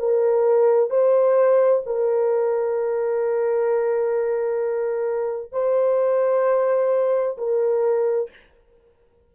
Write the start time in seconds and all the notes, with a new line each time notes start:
0.00 A#4
0.90 C5
1.86 A#4
5.53 C5
7.38 A#4